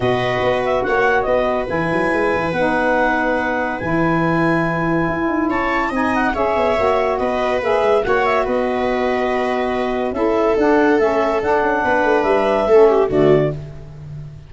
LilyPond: <<
  \new Staff \with { instrumentName = "clarinet" } { \time 4/4 \tempo 4 = 142 dis''4. e''8 fis''4 dis''4 | gis''2 fis''2~ | fis''4 gis''2.~ | gis''4 a''4 gis''8 fis''8 e''4~ |
e''4 dis''4 e''4 fis''8 e''8 | dis''1 | e''4 fis''4 e''4 fis''4~ | fis''4 e''2 d''4 | }
  \new Staff \with { instrumentName = "viola" } { \time 4/4 b'2 cis''4 b'4~ | b'1~ | b'1~ | b'4 cis''4 dis''4 cis''4~ |
cis''4 b'2 cis''4 | b'1 | a'1 | b'2 a'8 g'8 fis'4 | }
  \new Staff \with { instrumentName = "saxophone" } { \time 4/4 fis'1 | e'2 dis'2~ | dis'4 e'2.~ | e'2 dis'4 gis'4 |
fis'2 gis'4 fis'4~ | fis'1 | e'4 d'4 cis'4 d'4~ | d'2 cis'4 a4 | }
  \new Staff \with { instrumentName = "tuba" } { \time 4/4 b,4 b4 ais4 b4 | e8 fis8 gis8 e8 b2~ | b4 e2. | e'8 dis'8 cis'4 c'4 cis'8 b8 |
ais4 b4 ais8 gis8 ais4 | b1 | cis'4 d'4 a4 d'8 cis'8 | b8 a8 g4 a4 d4 | }
>>